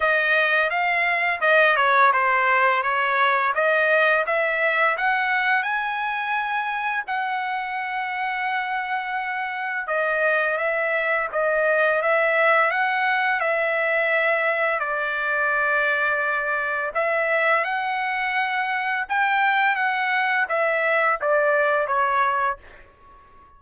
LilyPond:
\new Staff \with { instrumentName = "trumpet" } { \time 4/4 \tempo 4 = 85 dis''4 f''4 dis''8 cis''8 c''4 | cis''4 dis''4 e''4 fis''4 | gis''2 fis''2~ | fis''2 dis''4 e''4 |
dis''4 e''4 fis''4 e''4~ | e''4 d''2. | e''4 fis''2 g''4 | fis''4 e''4 d''4 cis''4 | }